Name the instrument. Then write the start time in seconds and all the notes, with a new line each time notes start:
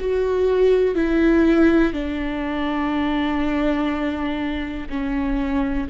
viola
0.00 F#4
0.95 E4
1.93 D4
4.89 C#4